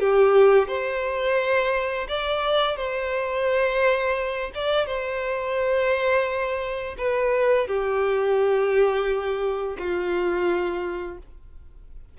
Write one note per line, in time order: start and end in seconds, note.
0.00 0.68 G4
0.68 2.07 C5
2.08 2.77 D5
2.77 4.51 C5
4.55 4.86 D5
4.86 6.96 C5
6.98 7.67 B4
7.67 9.77 G4
9.78 11.18 F4